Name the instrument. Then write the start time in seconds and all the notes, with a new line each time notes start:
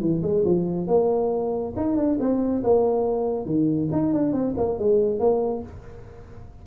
tuba
0.00 E3
0.22 G#3
0.45 F3
0.87 A#3
1.76 D#4
1.96 D4
2.19 C4
2.63 A#3
3.45 D#3
3.92 D#4
4.13 D4
4.32 C4
4.57 A#3
4.79 G#3
5.19 A#3